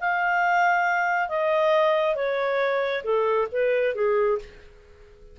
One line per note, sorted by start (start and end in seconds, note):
0.00 1.29 F5
1.29 2.15 D#5
2.15 3.03 C#5
3.04 3.48 A4
3.52 3.95 B4
3.95 4.39 G#4